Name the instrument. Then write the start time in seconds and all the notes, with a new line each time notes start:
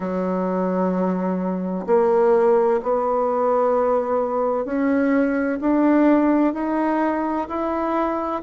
bassoon
0.00 F#3
1.86 A#3
2.82 B3
4.64 C#4
5.60 D4
6.53 D#4
7.48 E4